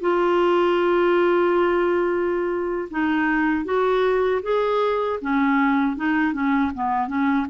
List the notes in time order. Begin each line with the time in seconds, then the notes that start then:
0.00 F4
2.90 D#4
3.65 F#4
4.42 G#4
5.21 C#4
5.96 D#4
6.33 C#4
6.74 B3
7.08 C#4